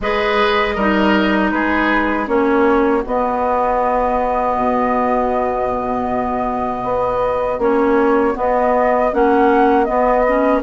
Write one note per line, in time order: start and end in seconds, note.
0.00 0.75 G#3
0.00 0.78 G#4
0.00 0.75 B4
0.00 1.50 D#5
0.75 1.51 G3
0.75 2.26 D#4
0.75 1.50 A#4
1.50 2.27 G#3
1.50 2.29 G#4
1.50 2.26 B4
2.26 3.03 A#3
2.26 3.02 C#4
2.26 10.62 F#4
2.26 3.03 C#5
3.06 7.59 B3
3.06 4.56 B3
3.06 7.61 D#5
4.56 6.83 B2
6.83 7.58 B3
7.58 8.34 A#3
7.58 8.34 C#4
7.58 8.37 C#5
8.34 9.10 B3
8.34 9.12 B3
8.34 9.13 D#5
9.12 9.88 A#3
9.12 9.85 C#4
9.12 9.84 F#5
9.84 10.23 B3
9.84 10.62 B3
9.84 10.60 D#5
10.27 10.62 C#4